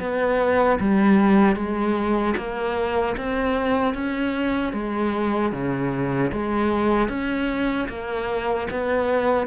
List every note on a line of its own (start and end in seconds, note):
0.00 0.79 B3
0.80 1.56 G3
1.56 2.35 G#3
2.37 3.16 A#3
3.17 3.95 C4
3.95 4.73 C#4
4.73 5.52 G#3
5.53 6.32 C#3
6.32 7.09 G#3
7.09 7.88 C#4
7.89 8.68 A#3
8.71 9.47 B3